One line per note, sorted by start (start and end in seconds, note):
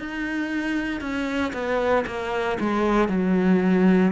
0.00 1.01 D#4
1.01 1.53 C#4
1.53 2.05 B3
2.07 2.59 A#3
2.60 3.08 G#3
3.08 4.12 F#3